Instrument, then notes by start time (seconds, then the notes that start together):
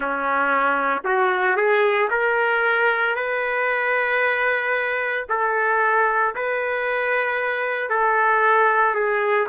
trumpet
0.00 C#4
1.04 F#4
1.56 G#4
2.10 A#4
3.15 B4
5.29 A4
6.34 B4
7.89 A4
8.94 G#4